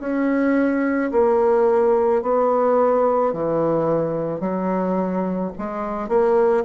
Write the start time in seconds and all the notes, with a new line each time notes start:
0.00 C#4
1.12 A#3
2.22 B3
3.33 E3
4.40 F#3
5.59 G#3
6.09 A#3